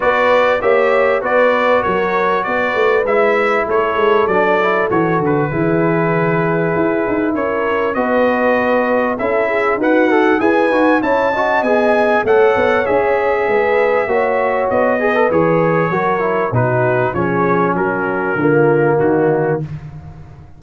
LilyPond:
<<
  \new Staff \with { instrumentName = "trumpet" } { \time 4/4 \tempo 4 = 98 d''4 e''4 d''4 cis''4 | d''4 e''4 cis''4 d''4 | cis''8 b'2.~ b'8 | cis''4 dis''2 e''4 |
fis''4 gis''4 a''4 gis''4 | fis''4 e''2. | dis''4 cis''2 b'4 | cis''4 ais'2 fis'4 | }
  \new Staff \with { instrumentName = "horn" } { \time 4/4 b'4 cis''4 b'4 ais'4 | b'2 a'2~ | a'4 gis'2. | ais'4 b'2 a'8 gis'8 |
fis'4 b'4 cis''8 dis''4. | cis''2 b'4 cis''4~ | cis''8 b'4. ais'4 fis'4 | gis'4 fis'4 f'4 dis'4 | }
  \new Staff \with { instrumentName = "trombone" } { \time 4/4 fis'4 g'4 fis'2~ | fis'4 e'2 d'8 e'8 | fis'4 e'2.~ | e'4 fis'2 e'4 |
b'8 a'8 gis'8 fis'8 e'8 fis'8 gis'4 | a'4 gis'2 fis'4~ | fis'8 gis'16 a'16 gis'4 fis'8 e'8 dis'4 | cis'2 ais2 | }
  \new Staff \with { instrumentName = "tuba" } { \time 4/4 b4 ais4 b4 fis4 | b8 a8 gis4 a8 gis8 fis4 | e8 d8 e2 e'8 dis'8 | cis'4 b2 cis'4 |
dis'4 e'8 dis'8 cis'4 b4 | a8 b8 cis'4 gis4 ais4 | b4 e4 fis4 b,4 | f4 fis4 d4 dis4 | }
>>